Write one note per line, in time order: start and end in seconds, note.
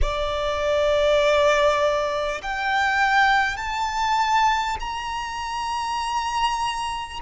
0.01 2.41 D5
2.42 3.56 G5
3.56 4.76 A5
4.79 7.19 A#5